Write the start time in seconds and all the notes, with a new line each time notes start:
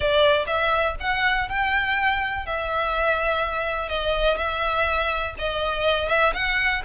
0.00 D5
0.46 E5
1.00 F#5
1.48 G5
2.45 E5
3.88 D#5
4.37 E5
5.38 D#5
6.08 E5
6.33 F#5